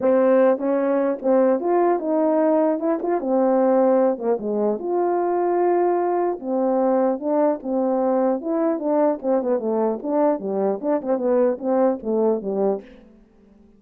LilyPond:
\new Staff \with { instrumentName = "horn" } { \time 4/4 \tempo 4 = 150 c'4. cis'4. c'4 | f'4 dis'2 e'8 f'8 | c'2~ c'8 ais8 gis4 | f'1 |
c'2 d'4 c'4~ | c'4 e'4 d'4 c'8 b8 | a4 d'4 g4 d'8 c'8 | b4 c'4 a4 g4 | }